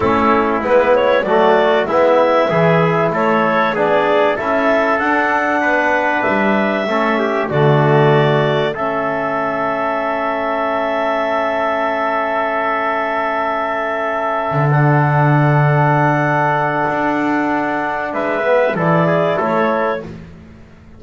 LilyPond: <<
  \new Staff \with { instrumentName = "clarinet" } { \time 4/4 \tempo 4 = 96 a'4 b'8 cis''8 d''4 e''4~ | e''4 cis''4 d''4 e''4 | fis''2 e''2 | d''2 e''2~ |
e''1~ | e''2.~ e''8 fis''8~ | fis''1~ | fis''4 e''4 d''4 cis''4 | }
  \new Staff \with { instrumentName = "trumpet" } { \time 4/4 e'2 fis'4 e'4 | gis'4 a'4 gis'4 a'4~ | a'4 b'2 a'8 g'8 | fis'2 a'2~ |
a'1~ | a'1~ | a'1~ | a'4 b'4 a'8 gis'8 a'4 | }
  \new Staff \with { instrumentName = "trombone" } { \time 4/4 cis'4 b4 a4 b4 | e'2 d'4 e'4 | d'2. cis'4 | a2 cis'2~ |
cis'1~ | cis'2.~ cis'8 d'8~ | d'1~ | d'4. b8 e'2 | }
  \new Staff \with { instrumentName = "double bass" } { \time 4/4 a4 gis4 fis4 gis4 | e4 a4 b4 cis'4 | d'4 b4 g4 a4 | d2 a2~ |
a1~ | a2.~ a16 d8.~ | d2. d'4~ | d'4 gis4 e4 a4 | }
>>